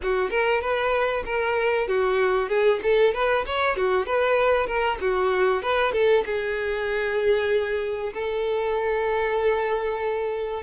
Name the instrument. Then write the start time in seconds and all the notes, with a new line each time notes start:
violin
0.02 F#4
0.30 A#4
0.61 B4
1.25 A#4
1.88 F#4
2.48 G#4
2.82 A4
3.14 B4
3.45 C#5
3.76 F#4
4.06 B4
4.66 A#4
5.00 F#4
5.62 B4
5.92 A4
6.25 G#4
8.13 A4